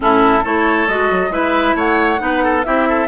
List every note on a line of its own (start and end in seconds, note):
0.00 0.44 A2
0.00 0.42 C#4
0.00 0.43 E4
0.00 0.45 A4
0.43 0.87 A3
0.43 0.88 E4
0.43 1.31 A4
0.43 0.88 C#5
0.87 1.10 G#3
0.87 1.30 F#4
0.87 1.32 D#5
1.11 1.29 F#3
1.29 1.73 G#3
1.29 2.18 E4
1.29 1.76 B4
1.29 1.76 E5
1.74 2.18 A3
1.74 2.20 C#5
1.74 2.64 F#5
2.18 2.65 B3
2.18 2.62 D#4
2.18 2.43 B4
2.43 2.65 A4
2.64 3.07 C4
2.64 3.07 E4
2.64 2.88 G4
2.64 3.07 E5
2.88 3.07 A4